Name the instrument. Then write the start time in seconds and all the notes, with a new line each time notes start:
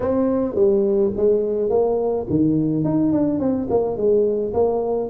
tuba
0.00 C4
0.54 G3
1.16 G#3
1.69 A#3
2.29 D#3
2.84 D#4
3.12 D4
3.39 C4
3.69 A#3
3.96 G#3
4.53 A#3